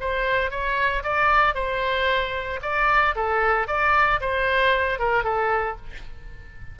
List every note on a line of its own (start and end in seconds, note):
0.00 0.50 C5
0.50 1.03 C#5
1.03 1.55 D5
1.55 2.60 C5
2.62 3.15 D5
3.15 3.67 A4
3.67 4.20 D5
4.21 4.99 C5
4.99 5.23 A#4
5.23 5.76 A4